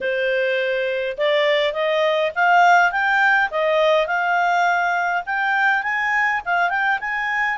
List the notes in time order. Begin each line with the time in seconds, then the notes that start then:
0.00 C5
1.17 D5
1.73 D#5
2.35 F5
2.91 G5
3.51 D#5
4.06 F5
5.26 G5
5.83 G#5
6.45 F5
6.69 G5
7.00 G#5